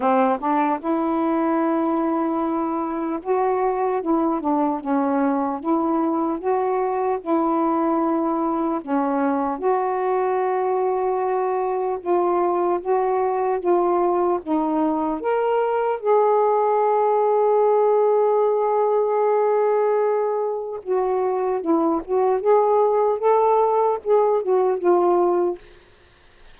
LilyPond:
\new Staff \with { instrumentName = "saxophone" } { \time 4/4 \tempo 4 = 75 c'8 d'8 e'2. | fis'4 e'8 d'8 cis'4 e'4 | fis'4 e'2 cis'4 | fis'2. f'4 |
fis'4 f'4 dis'4 ais'4 | gis'1~ | gis'2 fis'4 e'8 fis'8 | gis'4 a'4 gis'8 fis'8 f'4 | }